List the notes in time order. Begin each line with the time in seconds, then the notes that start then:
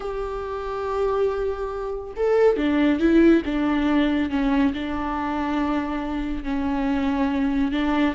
0.00 G4
2.16 A4
2.57 D4
2.99 E4
3.45 D4
4.30 C#4
4.73 D4
6.43 C#4
7.71 D4